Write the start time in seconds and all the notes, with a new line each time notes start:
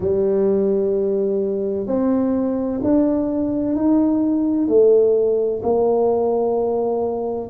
0.00 G3
1.86 C4
2.83 D4
3.75 D#4
4.67 A3
5.62 A#3